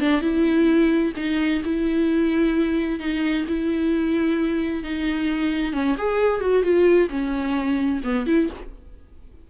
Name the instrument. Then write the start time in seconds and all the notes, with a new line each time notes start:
viola
0.00 D4
0.21 E4
1.16 D#4
1.64 E4
2.99 D#4
3.47 E4
4.83 D#4
5.73 C#4
5.98 G#4
6.40 F#4
6.63 F4
7.09 C#4
8.03 B3
8.26 E4